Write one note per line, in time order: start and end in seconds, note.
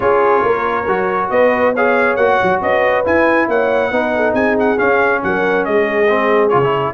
0.00 0.43 C#4
0.00 0.84 F4
0.00 0.43 G#4
0.00 1.30 C#5
0.43 0.87 A#3
0.43 1.30 A#4
0.87 1.30 F#3
0.87 1.75 F#4
1.30 2.16 B3
1.30 1.73 B4
1.30 1.73 D#5
1.73 2.19 G#4
1.73 2.60 C#5
1.73 2.16 F5
2.16 2.38 A#3
2.16 3.04 F#4
2.16 2.59 F#5
2.43 2.61 F#3
2.61 3.05 C#4
2.61 3.48 B4
2.61 3.05 D#5
3.04 3.91 E4
3.04 3.48 E4
3.04 3.49 G#5
3.48 3.91 A#3
3.48 3.91 C#5
3.48 4.34 F#5
3.91 4.33 B3
3.91 4.76 D#4
3.91 4.12 B4
4.15 4.33 A4
4.33 4.76 C4
4.33 5.20 G#4
4.33 4.56 G#5
4.59 4.78 F#5
4.76 6.07 C#4
4.76 5.22 C#4
4.76 5.21 F5
5.23 5.66 F#3
5.23 5.68 A#4
5.23 5.65 F#5
5.65 6.54 G#3
5.65 6.93 G#4
5.65 6.49 D#5
6.09 6.50 C4
6.49 6.93 C#3
6.49 6.61 F4
6.49 6.92 C#5
6.63 6.93 E4